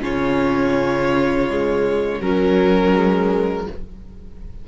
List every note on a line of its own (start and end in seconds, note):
0.00 2.20 C#3
0.00 1.46 C#4
0.00 2.20 F4
0.00 2.21 C#5
1.49 2.21 G#3
2.20 3.67 F#3
2.20 2.95 F#3
2.20 3.67 C#4
2.20 3.67 A#4
2.95 3.68 G#3